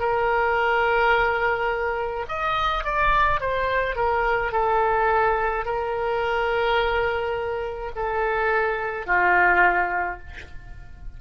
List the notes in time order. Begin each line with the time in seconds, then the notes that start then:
0.00 A#4
2.29 D#5
2.84 D5
3.41 C5
3.96 A#4
4.52 A4
5.66 A#4
7.96 A4
9.07 F4